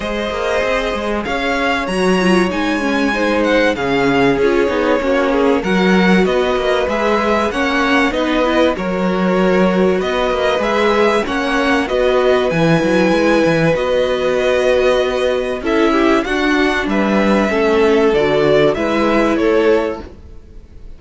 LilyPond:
<<
  \new Staff \with { instrumentName = "violin" } { \time 4/4 \tempo 4 = 96 dis''2 f''4 ais''4 | gis''4. fis''8 f''4 cis''4~ | cis''4 fis''4 dis''4 e''4 | fis''4 dis''4 cis''2 |
dis''4 e''4 fis''4 dis''4 | gis''2 dis''2~ | dis''4 e''4 fis''4 e''4~ | e''4 d''4 e''4 cis''4 | }
  \new Staff \with { instrumentName = "violin" } { \time 4/4 c''2 cis''2~ | cis''4 c''4 gis'2 | fis'8 gis'8 ais'4 b'2 | cis''4 b'4 ais'2 |
b'2 cis''4 b'4~ | b'1~ | b'4 a'8 g'8 fis'4 b'4 | a'2 b'4 a'4 | }
  \new Staff \with { instrumentName = "viola" } { \time 4/4 gis'2. fis'8 f'8 | dis'8 cis'8 dis'4 cis'4 f'8 dis'8 | cis'4 fis'2 gis'4 | cis'4 dis'8 e'8 fis'2~ |
fis'4 gis'4 cis'4 fis'4 | e'2 fis'2~ | fis'4 e'4 d'2 | cis'4 fis'4 e'2 | }
  \new Staff \with { instrumentName = "cello" } { \time 4/4 gis8 ais8 c'8 gis8 cis'4 fis4 | gis2 cis4 cis'8 b8 | ais4 fis4 b8 ais8 gis4 | ais4 b4 fis2 |
b8 ais8 gis4 ais4 b4 | e8 fis8 gis8 e8 b2~ | b4 cis'4 d'4 g4 | a4 d4 gis4 a4 | }
>>